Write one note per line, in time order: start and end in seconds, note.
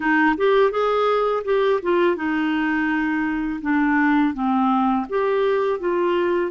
0.00 0.35 D#4
0.37 0.71 G4
0.71 1.43 G#4
1.44 1.80 G4
1.82 2.16 F4
2.16 3.60 D#4
3.61 4.33 D4
4.33 5.06 C4
5.09 5.79 G4
5.79 6.51 F4